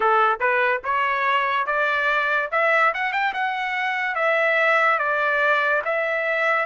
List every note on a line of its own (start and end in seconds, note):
0.00 0.39 A4
0.39 0.81 B4
0.83 1.66 C#5
1.66 2.49 D5
2.51 2.93 E5
2.94 3.12 F#5
3.12 3.33 G5
3.33 4.15 F#5
4.15 4.98 E5
4.98 5.81 D5
5.84 6.65 E5